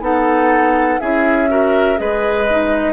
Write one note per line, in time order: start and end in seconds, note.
0.00 0.98 B3
0.00 0.99 D#4
0.00 1.00 A4
0.00 1.00 F#5
1.00 1.99 C#4
1.00 1.48 E4
1.00 1.50 G#4
1.00 1.98 E5
1.48 1.96 F#4
1.48 2.00 A#4
1.96 2.93 G#3
1.96 2.45 G#4
1.96 2.93 B4
1.96 2.93 D#5
2.50 2.93 D#4